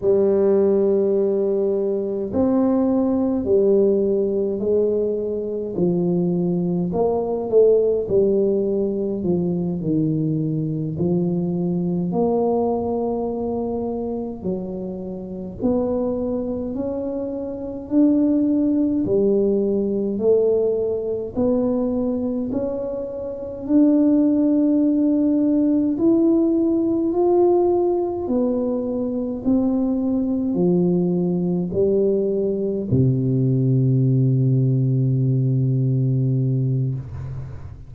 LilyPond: \new Staff \with { instrumentName = "tuba" } { \time 4/4 \tempo 4 = 52 g2 c'4 g4 | gis4 f4 ais8 a8 g4 | f8 dis4 f4 ais4.~ | ais8 fis4 b4 cis'4 d'8~ |
d'8 g4 a4 b4 cis'8~ | cis'8 d'2 e'4 f'8~ | f'8 b4 c'4 f4 g8~ | g8 c2.~ c8 | }